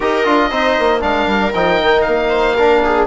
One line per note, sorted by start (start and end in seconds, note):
0.00 0.25 D#4
0.00 0.24 G4
0.00 0.50 A#4
0.00 1.01 D#5
0.24 0.51 D4
0.24 0.50 F4
0.50 0.77 C4
0.50 1.00 D#4
0.50 1.01 C5
0.78 1.03 A#3
1.00 1.26 G#3
1.00 1.51 D4
1.00 2.28 A#4
1.00 1.52 F5
1.26 1.52 G3
1.53 1.80 F3
1.53 2.57 D#4
1.53 2.01 G5
1.82 2.07 D#3
2.01 3.07 A#3
2.01 3.04 F5
2.28 2.54 C5
2.56 3.07 D4
2.56 2.82 A#4
2.84 3.07 G#4